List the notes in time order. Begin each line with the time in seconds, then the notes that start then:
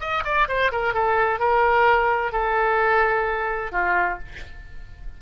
0.00 D#5
0.25 D5
0.48 C5
0.72 A#4
0.94 A4
1.39 A#4
2.33 A4
3.72 F4